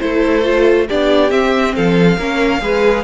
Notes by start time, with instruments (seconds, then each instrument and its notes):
0.00 cello A3, viola E4, violin A4 C5
0.44 viola F4
0.88 cello B3, viola D4, violin G4 D5
1.31 cello C4, viola C4, violin E5
1.75 cello F3, violin A4 F5
2.17 cello A#3, viola C#4, violin A#4
2.61 cello G#3, viola G#4, violin B4